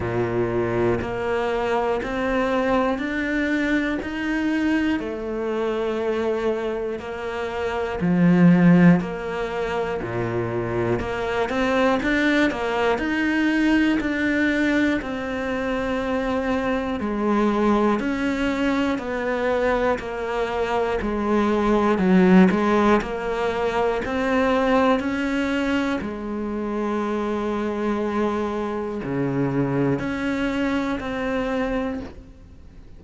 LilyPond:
\new Staff \with { instrumentName = "cello" } { \time 4/4 \tempo 4 = 60 ais,4 ais4 c'4 d'4 | dis'4 a2 ais4 | f4 ais4 ais,4 ais8 c'8 | d'8 ais8 dis'4 d'4 c'4~ |
c'4 gis4 cis'4 b4 | ais4 gis4 fis8 gis8 ais4 | c'4 cis'4 gis2~ | gis4 cis4 cis'4 c'4 | }